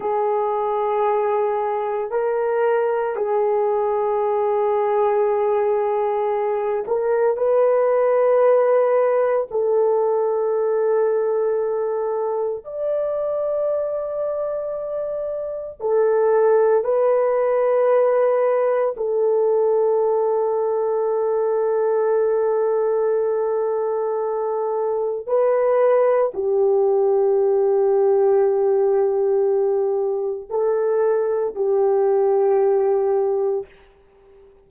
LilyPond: \new Staff \with { instrumentName = "horn" } { \time 4/4 \tempo 4 = 57 gis'2 ais'4 gis'4~ | gis'2~ gis'8 ais'8 b'4~ | b'4 a'2. | d''2. a'4 |
b'2 a'2~ | a'1 | b'4 g'2.~ | g'4 a'4 g'2 | }